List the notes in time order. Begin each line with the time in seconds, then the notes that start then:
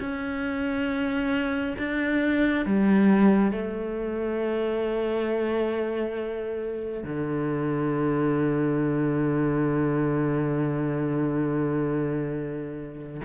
0.00 C#4
1.78 D4
2.66 G3
3.52 A3
7.04 D3